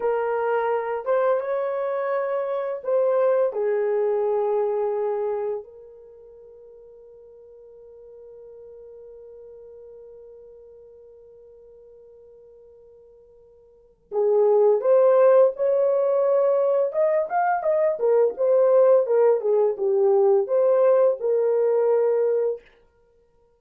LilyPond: \new Staff \with { instrumentName = "horn" } { \time 4/4 \tempo 4 = 85 ais'4. c''8 cis''2 | c''4 gis'2. | ais'1~ | ais'1~ |
ais'1 | gis'4 c''4 cis''2 | dis''8 f''8 dis''8 ais'8 c''4 ais'8 gis'8 | g'4 c''4 ais'2 | }